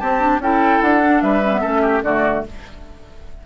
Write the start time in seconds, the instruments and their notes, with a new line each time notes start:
0.00 clarinet C4, bassoon C4, oboe G4, flute A5
0.21 clarinet D4
0.39 bassoon C#4, clarinet E4, oboe A4, flute G5
0.82 bassoon D4, flute F#5
1.02 clarinet D4
1.22 bassoon G3, oboe B4, flute E5
1.43 clarinet C#4
1.53 clarinet B3
1.61 bassoon A3, clarinet C#4, oboe A4
1.82 oboe G4
2.03 bassoon D3, clarinet A3, oboe F#4, flute D5